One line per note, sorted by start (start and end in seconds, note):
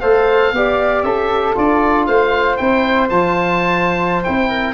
0.00 0.52 A3
0.00 0.53 A4
0.00 0.52 C5
0.00 1.03 F5
0.52 1.03 B3
0.52 1.55 G4
0.52 1.05 D5
1.03 1.54 C#4
1.03 2.07 A4
1.03 1.54 E5
1.55 2.07 D4
1.55 2.57 F4
1.55 2.06 D5
2.06 2.59 A3
2.06 4.49 C5
2.06 2.57 F5
2.57 3.10 C4
2.57 3.09 E4
2.57 3.08 G5
3.10 4.26 F3
3.10 4.24 F4
3.10 4.24 A5
4.24 4.74 C4
4.24 4.74 E4
4.24 4.74 G5
4.49 4.74 A#4